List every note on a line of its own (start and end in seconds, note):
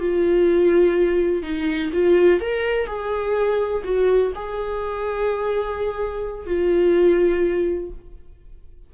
0.00 1.43 F4
1.43 1.91 D#4
1.93 2.41 F4
2.41 2.87 A#4
2.87 3.83 G#4
3.85 4.33 F#4
4.35 6.47 G#4
6.47 7.91 F4